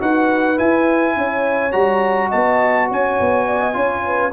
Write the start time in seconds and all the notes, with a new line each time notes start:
0.00 D#4 F#4 B4 F#5
0.57 E4 G#5
1.17 C#4 C#5
1.72 G3 F#4 A#5
2.29 B3 D#5 A5
2.89 C#4 C#5 G#5
3.20 B3
3.47 D5
3.61 D#5
3.74 C#4 F4 C#5
4.06 B4